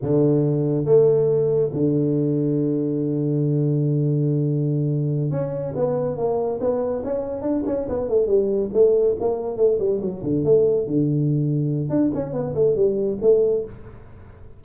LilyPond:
\new Staff \with { instrumentName = "tuba" } { \time 4/4 \tempo 4 = 141 d2 a2 | d1~ | d1~ | d8 cis'4 b4 ais4 b8~ |
b8 cis'4 d'8 cis'8 b8 a8 g8~ | g8 a4 ais4 a8 g8 fis8 | d8 a4 d2~ d8 | d'8 cis'8 b8 a8 g4 a4 | }